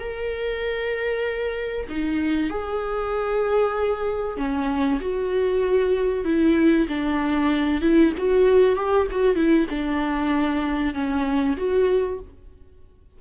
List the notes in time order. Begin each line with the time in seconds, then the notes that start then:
0.00 A#4
1.90 D#4
2.50 G#4
4.38 C#4
5.01 F#4
6.25 E4
6.89 D4
7.82 E4
8.18 F#4
8.76 G4
9.12 F#4
9.36 E4
9.70 D4
10.95 C#4
11.57 F#4